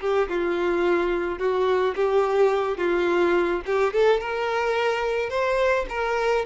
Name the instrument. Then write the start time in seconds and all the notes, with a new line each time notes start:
violin
0.00 G4
0.29 F4
1.39 F#4
1.95 G4
2.77 F4
3.66 G4
3.93 A4
4.20 A#4
5.29 C5
5.89 A#4